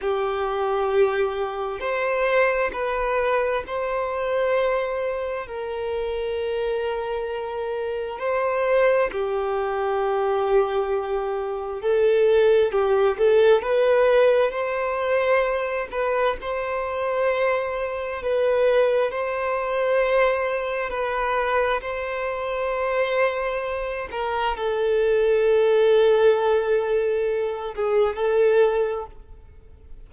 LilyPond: \new Staff \with { instrumentName = "violin" } { \time 4/4 \tempo 4 = 66 g'2 c''4 b'4 | c''2 ais'2~ | ais'4 c''4 g'2~ | g'4 a'4 g'8 a'8 b'4 |
c''4. b'8 c''2 | b'4 c''2 b'4 | c''2~ c''8 ais'8 a'4~ | a'2~ a'8 gis'8 a'4 | }